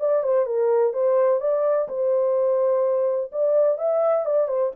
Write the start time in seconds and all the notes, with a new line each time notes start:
0.00 D5
0.23 C5
0.46 A#4
0.93 C5
1.40 D5
1.88 C5
3.32 D5
3.78 E5
4.25 D5
4.48 C5